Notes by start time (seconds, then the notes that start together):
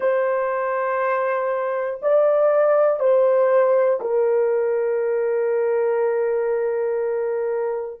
0.00 C5
2.02 D5
2.99 C5
4.00 A#4